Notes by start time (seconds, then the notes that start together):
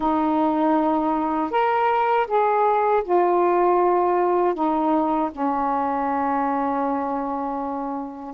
0.00 D#4
1.50 A#4
2.27 G#4
3.04 F4
4.54 D#4
5.31 C#4